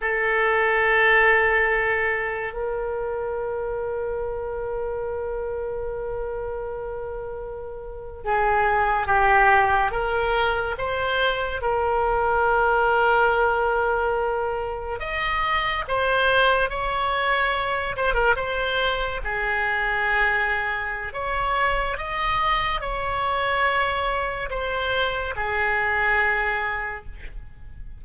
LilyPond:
\new Staff \with { instrumentName = "oboe" } { \time 4/4 \tempo 4 = 71 a'2. ais'4~ | ais'1~ | ais'4.~ ais'16 gis'4 g'4 ais'16~ | ais'8. c''4 ais'2~ ais'16~ |
ais'4.~ ais'16 dis''4 c''4 cis''16~ | cis''4~ cis''16 c''16 ais'16 c''4 gis'4~ gis'16~ | gis'4 cis''4 dis''4 cis''4~ | cis''4 c''4 gis'2 | }